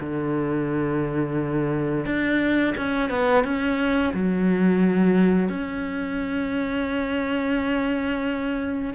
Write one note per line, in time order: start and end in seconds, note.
0.00 2.05 D3
2.05 2.74 D4
2.77 3.09 C#4
3.09 3.44 B3
3.44 4.13 C#4
4.14 5.49 F#3
5.49 8.94 C#4